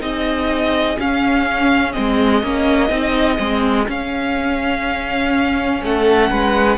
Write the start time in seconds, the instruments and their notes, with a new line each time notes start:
0.00 cello C4, viola D#4, violin G#4 D#5
0.99 cello C#4, viola C#4, violin F5
1.92 cello G#3, viola C4, violin D#5
2.43 cello A#3, viola C#4
2.89 cello C4, viola D#4
3.38 cello G#3, viola C4
3.86 viola C#4, cello C#4, violin F5
5.82 cello A3, violin A4 F#5
6.30 cello G#3, violin B4